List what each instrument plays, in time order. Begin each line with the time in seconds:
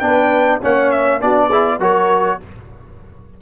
0.00 tuba B3, trombone D4, horn B4, trumpet G5
0.62 tuba A#3, trombone C#4, horn C#5, trumpet F#5
0.91 trumpet E5
1.21 tuba B3, trombone D4, horn F#4, trumpet D5
1.49 trombone E4, horn G#4
1.79 tuba F#3, trombone F#4, horn A#4, trumpet C#5